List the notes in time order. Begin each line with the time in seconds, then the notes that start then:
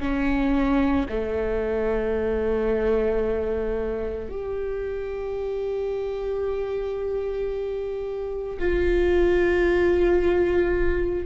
0.00 C#4
1.09 A3
4.30 G4
8.59 F4